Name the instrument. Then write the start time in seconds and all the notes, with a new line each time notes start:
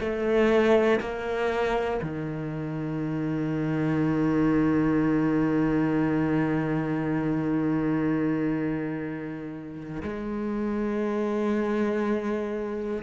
cello
0.00 A3
1.01 A#3
2.02 D#3
10.03 G#3